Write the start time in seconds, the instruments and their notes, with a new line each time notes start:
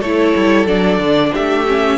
0.00 cello A3, viola E4, violin A4 C#5
0.36 cello G3
0.67 cello F#3, viola D4, violin D5
0.99 cello D3
1.33 cello A3, violin G4 E5
1.68 viola C#4